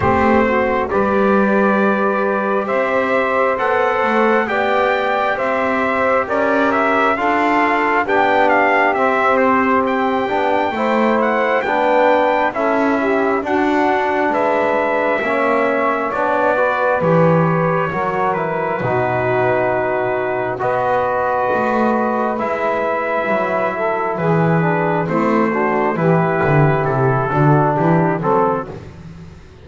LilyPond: <<
  \new Staff \with { instrumentName = "trumpet" } { \time 4/4 \tempo 4 = 67 c''4 d''2 e''4 | fis''4 g''4 e''4 d''8 e''8 | f''4 g''8 f''8 e''8 c''8 g''4~ | g''8 fis''8 g''4 e''4 fis''4 |
e''2 d''4 cis''4~ | cis''8 b'2~ b'8 dis''4~ | dis''4 e''2 b'4 | c''4 b'4 a'4 g'8 a'8 | }
  \new Staff \with { instrumentName = "saxophone" } { \time 4/4 g'8 fis'8 b'2 c''4~ | c''4 d''4 c''4 ais'4 | a'4 g'2. | c''4 b'4 a'8 g'8 fis'4 |
b'4 cis''4. b'4. | ais'4 fis'2 b'4~ | b'2~ b'8 a'8 gis'4 | e'8 fis'8 g'4. fis'8 e'8 a'8 | }
  \new Staff \with { instrumentName = "trombone" } { \time 4/4 c'4 g'2. | a'4 g'2. | f'4 d'4 c'4. d'8 | e'4 d'4 e'4 d'4~ |
d'4 cis'4 d'8 fis'8 g'4 | fis'8 e'8 dis'2 fis'4~ | fis'4 e'2~ e'8 d'8 | c'8 d'8 e'4. d'4 c'8 | }
  \new Staff \with { instrumentName = "double bass" } { \time 4/4 a4 g2 c'4 | b8 a8 b4 c'4 cis'4 | d'4 b4 c'4. b8 | a4 b4 cis'4 d'4 |
gis4 ais4 b4 e4 | fis4 b,2 b4 | a4 gis4 fis4 e4 | a4 e8 d8 c8 d8 e8 fis8 | }
>>